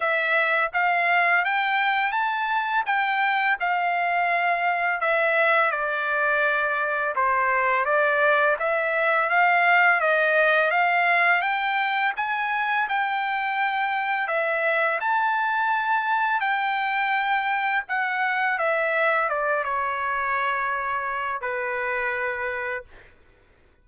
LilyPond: \new Staff \with { instrumentName = "trumpet" } { \time 4/4 \tempo 4 = 84 e''4 f''4 g''4 a''4 | g''4 f''2 e''4 | d''2 c''4 d''4 | e''4 f''4 dis''4 f''4 |
g''4 gis''4 g''2 | e''4 a''2 g''4~ | g''4 fis''4 e''4 d''8 cis''8~ | cis''2 b'2 | }